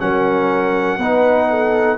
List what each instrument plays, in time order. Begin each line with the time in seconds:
0.00 tuba F#3, trombone C#4, horn A#4, trumpet F#5
0.98 tuba B3, trombone D#4, horn B4
1.50 horn A4